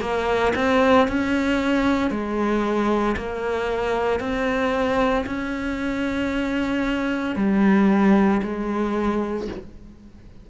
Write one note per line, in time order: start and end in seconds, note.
0.00 0.53 A#3
0.55 1.07 C4
1.07 2.10 C#4
2.10 3.15 G#3
3.16 4.19 A#3
4.19 5.24 C4
5.26 7.35 C#4
7.35 8.41 G3
8.42 9.47 G#3